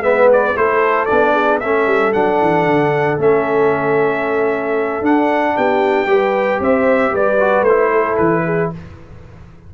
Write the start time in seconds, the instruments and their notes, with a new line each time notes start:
0.00 tuba G#3, trombone B3, horn B4, trumpet E5
0.33 trumpet D5
0.55 tuba A3, trombone E4, horn A4, trumpet C5
1.05 tuba B3, trombone D4, trumpet D5
1.33 horn G#4
1.60 tuba A3, trombone C#4, horn A4, trumpet E5
1.87 tuba G3
2.13 tuba F#3, trombone D4, trumpet F#5
2.41 tuba E3
2.66 tuba D3
3.17 tuba A3, trombone C#4, trumpet E5
5.01 tuba D4, trombone D4, trumpet F#5
5.56 tuba B3, horn G4, trumpet G5
6.06 tuba G3, trombone G4, horn B4
6.60 tuba C4, horn C5, trumpet E5
7.12 tuba G3, horn B4, trumpet D5
7.40 trombone F#4
7.61 tuba A3, trumpet C5
7.69 trombone E4
7.91 horn A4
8.17 tuba E3, trumpet B4
8.45 horn G#4